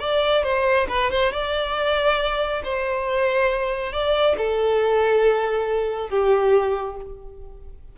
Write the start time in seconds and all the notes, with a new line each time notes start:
0.00 D5
0.43 C5
0.89 B4
1.11 C5
1.32 D5
2.64 C5
3.92 D5
4.38 A4
6.09 G4